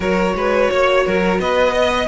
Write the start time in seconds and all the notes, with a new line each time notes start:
0.00 F#3 F#4 A#4 C#5
0.34 G#3 B4
0.70 A#3 C#5
1.05 F#3 A#4
1.39 B3 B4 D#5
1.74 B4 D#5